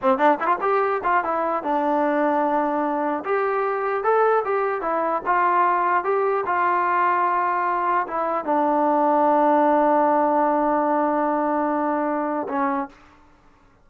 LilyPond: \new Staff \with { instrumentName = "trombone" } { \time 4/4 \tempo 4 = 149 c'8 d'8 e'16 f'16 g'4 f'8 e'4 | d'1 | g'2 a'4 g'4 | e'4 f'2 g'4 |
f'1 | e'4 d'2.~ | d'1~ | d'2. cis'4 | }